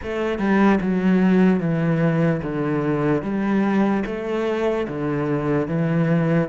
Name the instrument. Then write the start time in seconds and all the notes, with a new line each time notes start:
cello
0.03 A3
0.38 G3
0.80 F#3
1.60 E3
2.43 D3
3.22 G3
4.06 A3
4.88 D3
5.67 E3